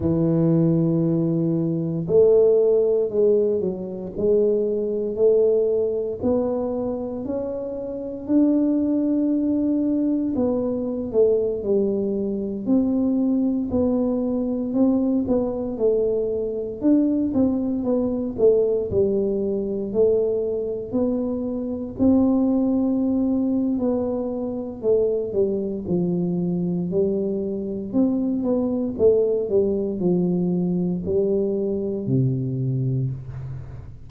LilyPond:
\new Staff \with { instrumentName = "tuba" } { \time 4/4 \tempo 4 = 58 e2 a4 gis8 fis8 | gis4 a4 b4 cis'4 | d'2 b8. a8 g8.~ | g16 c'4 b4 c'8 b8 a8.~ |
a16 d'8 c'8 b8 a8 g4 a8.~ | a16 b4 c'4.~ c'16 b4 | a8 g8 f4 g4 c'8 b8 | a8 g8 f4 g4 c4 | }